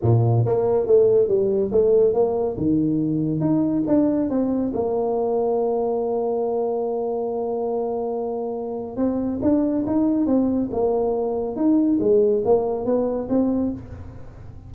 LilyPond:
\new Staff \with { instrumentName = "tuba" } { \time 4/4 \tempo 4 = 140 ais,4 ais4 a4 g4 | a4 ais4 dis2 | dis'4 d'4 c'4 ais4~ | ais1~ |
ais1~ | ais4 c'4 d'4 dis'4 | c'4 ais2 dis'4 | gis4 ais4 b4 c'4 | }